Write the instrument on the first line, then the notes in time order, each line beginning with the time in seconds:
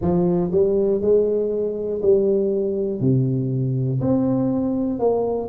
tuba
0.01 F3
0.51 G3
1.00 G#3
2.01 G3
3.00 C3
4.00 C4
4.99 A#3